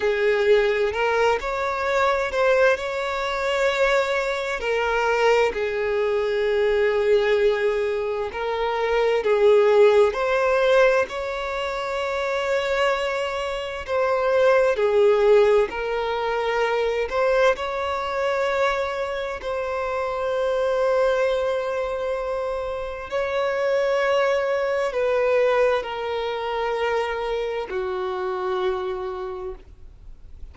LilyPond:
\new Staff \with { instrumentName = "violin" } { \time 4/4 \tempo 4 = 65 gis'4 ais'8 cis''4 c''8 cis''4~ | cis''4 ais'4 gis'2~ | gis'4 ais'4 gis'4 c''4 | cis''2. c''4 |
gis'4 ais'4. c''8 cis''4~ | cis''4 c''2.~ | c''4 cis''2 b'4 | ais'2 fis'2 | }